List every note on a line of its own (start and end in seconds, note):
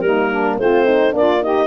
0.00 0.56 G3
0.00 0.60 A#3
0.00 0.31 D#4
0.00 0.56 A#4
0.32 0.58 D4
0.58 1.13 A3
0.58 1.14 C4
0.58 0.85 F4
0.58 1.14 C5
0.85 1.11 D#4
1.11 1.66 A#3
1.11 1.39 D4
1.11 1.43 F4
1.11 1.43 D5
1.41 1.66 D#4
1.41 1.66 G4
1.41 1.66 D#5